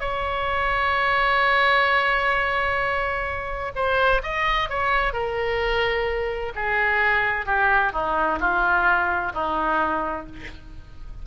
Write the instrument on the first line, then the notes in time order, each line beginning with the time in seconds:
oboe
0.00 C#5
3.75 C5
4.23 D#5
4.69 C#5
5.13 A#4
6.55 G#4
7.46 G4
7.92 D#4
8.40 F4
9.33 D#4